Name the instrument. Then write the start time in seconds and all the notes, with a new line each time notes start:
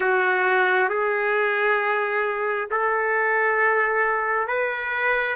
trumpet
0.00 F#4
0.89 G#4
2.70 A4
4.47 B4